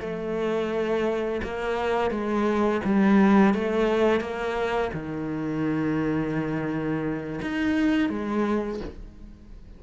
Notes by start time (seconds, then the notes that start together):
0.00 A3
1.43 A#3
2.10 G#3
2.84 G3
3.54 A3
4.20 A#3
4.93 D#3
7.41 D#4
8.10 G#3